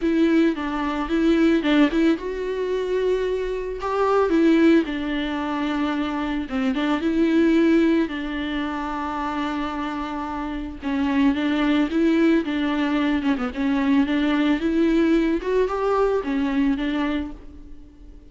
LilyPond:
\new Staff \with { instrumentName = "viola" } { \time 4/4 \tempo 4 = 111 e'4 d'4 e'4 d'8 e'8 | fis'2. g'4 | e'4 d'2. | c'8 d'8 e'2 d'4~ |
d'1 | cis'4 d'4 e'4 d'4~ | d'8 cis'16 b16 cis'4 d'4 e'4~ | e'8 fis'8 g'4 cis'4 d'4 | }